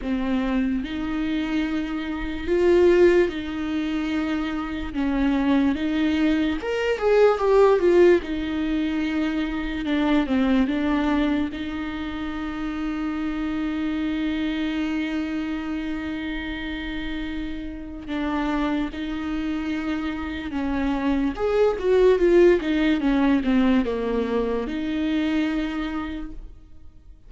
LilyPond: \new Staff \with { instrumentName = "viola" } { \time 4/4 \tempo 4 = 73 c'4 dis'2 f'4 | dis'2 cis'4 dis'4 | ais'8 gis'8 g'8 f'8 dis'2 | d'8 c'8 d'4 dis'2~ |
dis'1~ | dis'2 d'4 dis'4~ | dis'4 cis'4 gis'8 fis'8 f'8 dis'8 | cis'8 c'8 ais4 dis'2 | }